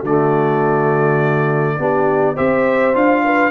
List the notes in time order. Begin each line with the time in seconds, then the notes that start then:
0.00 D3 A3 F#4 D5
1.79 B3 D4 G4
2.35 C4 G4 C5 E5
2.94 D4 F4 F5
3.24 B4